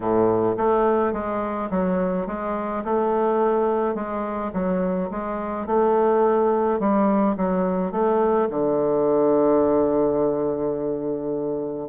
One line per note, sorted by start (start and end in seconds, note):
0.00 0.55 A2
0.57 1.12 A3
1.12 1.69 G#3
1.70 2.26 F#3
2.26 2.83 G#3
2.84 3.94 A3
3.94 4.51 G#3
4.53 5.09 F#3
5.10 5.66 G#3
5.66 6.79 A3
6.79 7.36 G3
7.37 7.91 F#3
7.91 8.48 A3
8.50 11.88 D3